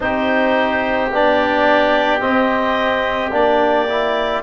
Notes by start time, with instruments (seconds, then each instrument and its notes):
0.00 tuba C4, trombone D#4, oboe G4, clarinet C5
1.11 tuba B3, trombone D4, clarinet D5
2.19 trombone C4, tuba C4, clarinet D#5
3.31 tuba A#3, trombone D4, clarinet D5
3.88 trombone E4